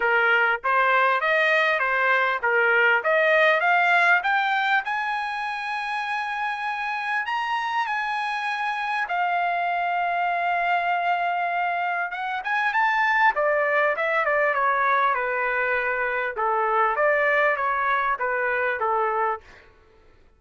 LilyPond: \new Staff \with { instrumentName = "trumpet" } { \time 4/4 \tempo 4 = 99 ais'4 c''4 dis''4 c''4 | ais'4 dis''4 f''4 g''4 | gis''1 | ais''4 gis''2 f''4~ |
f''1 | fis''8 gis''8 a''4 d''4 e''8 d''8 | cis''4 b'2 a'4 | d''4 cis''4 b'4 a'4 | }